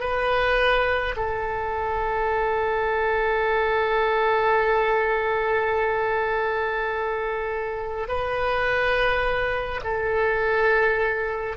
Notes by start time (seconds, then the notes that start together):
0.00 B4
1.16 A4
8.08 B4
9.84 A4